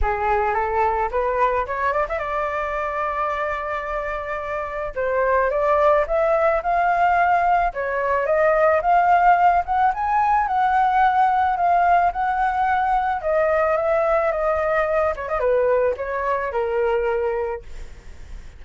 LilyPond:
\new Staff \with { instrumentName = "flute" } { \time 4/4 \tempo 4 = 109 gis'4 a'4 b'4 cis''8 d''16 e''16 | d''1~ | d''4 c''4 d''4 e''4 | f''2 cis''4 dis''4 |
f''4. fis''8 gis''4 fis''4~ | fis''4 f''4 fis''2 | dis''4 e''4 dis''4. cis''16 dis''16 | b'4 cis''4 ais'2 | }